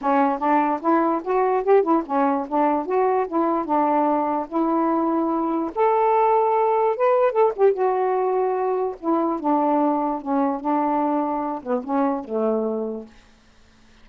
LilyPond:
\new Staff \with { instrumentName = "saxophone" } { \time 4/4 \tempo 4 = 147 cis'4 d'4 e'4 fis'4 | g'8 e'8 cis'4 d'4 fis'4 | e'4 d'2 e'4~ | e'2 a'2~ |
a'4 b'4 a'8 g'8 fis'4~ | fis'2 e'4 d'4~ | d'4 cis'4 d'2~ | d'8 b8 cis'4 a2 | }